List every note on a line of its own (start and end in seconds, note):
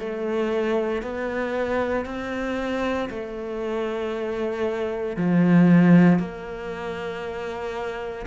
0.00 1.03 A3
1.03 2.06 B3
2.06 3.09 C4
3.10 5.17 A3
5.17 6.19 F3
6.19 8.26 A#3